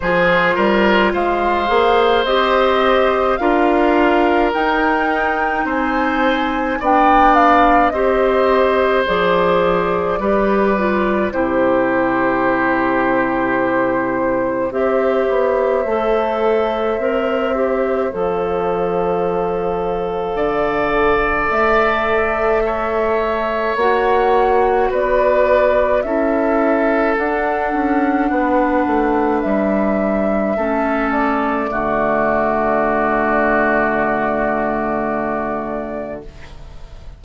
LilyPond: <<
  \new Staff \with { instrumentName = "flute" } { \time 4/4 \tempo 4 = 53 c''4 f''4 dis''4 f''4 | g''4 gis''4 g''8 f''8 dis''4 | d''2 c''2~ | c''4 e''2. |
f''2. e''4~ | e''4 fis''4 d''4 e''4 | fis''2 e''4. d''8~ | d''1 | }
  \new Staff \with { instrumentName = "oboe" } { \time 4/4 gis'8 ais'8 c''2 ais'4~ | ais'4 c''4 d''4 c''4~ | c''4 b'4 g'2~ | g'4 c''2.~ |
c''2 d''2 | cis''2 b'4 a'4~ | a'4 b'2 a'4 | fis'1 | }
  \new Staff \with { instrumentName = "clarinet" } { \time 4/4 f'4. gis'8 g'4 f'4 | dis'2 d'4 g'4 | gis'4 g'8 f'8 e'2~ | e'4 g'4 a'4 ais'8 g'8 |
a'1~ | a'4 fis'2 e'4 | d'2. cis'4 | a1 | }
  \new Staff \with { instrumentName = "bassoon" } { \time 4/4 f8 g8 gis8 ais8 c'4 d'4 | dis'4 c'4 b4 c'4 | f4 g4 c2~ | c4 c'8 b8 a4 c'4 |
f2 d4 a4~ | a4 ais4 b4 cis'4 | d'8 cis'8 b8 a8 g4 a4 | d1 | }
>>